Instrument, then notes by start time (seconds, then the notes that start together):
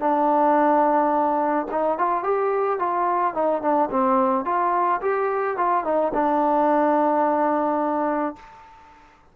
trombone
0.00 D4
1.71 D#4
1.98 F4
2.23 G4
2.79 F4
3.34 D#4
3.62 D4
3.91 C4
4.45 F4
5.02 G4
5.57 F4
5.84 D#4
6.14 D4